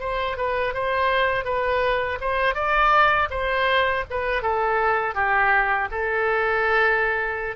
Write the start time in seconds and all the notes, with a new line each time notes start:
0.00 C5
0.37 B4
0.74 C5
1.45 B4
2.21 C5
2.55 D5
3.30 C5
4.10 B4
4.42 A4
5.14 G4
5.91 A4